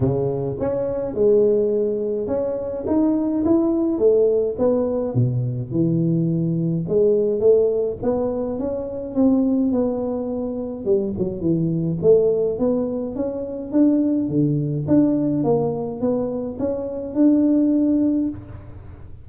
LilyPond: \new Staff \with { instrumentName = "tuba" } { \time 4/4 \tempo 4 = 105 cis4 cis'4 gis2 | cis'4 dis'4 e'4 a4 | b4 b,4 e2 | gis4 a4 b4 cis'4 |
c'4 b2 g8 fis8 | e4 a4 b4 cis'4 | d'4 d4 d'4 ais4 | b4 cis'4 d'2 | }